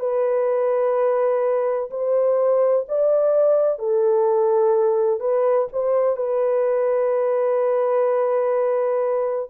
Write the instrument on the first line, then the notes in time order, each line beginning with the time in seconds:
horn
0.00 B4
1.90 C5
2.89 D5
3.79 A4
5.21 B4
5.73 C5
6.17 B4